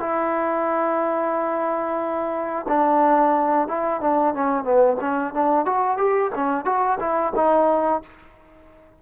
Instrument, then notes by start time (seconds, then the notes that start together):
trombone
0.00 E4
2.69 D4
3.68 E4
4.01 D4
4.35 C#4
4.64 B3
5.01 C#4
5.34 D4
5.66 F#4
5.98 G4
6.35 C#4
6.66 F#4
7.00 E4
7.36 D#4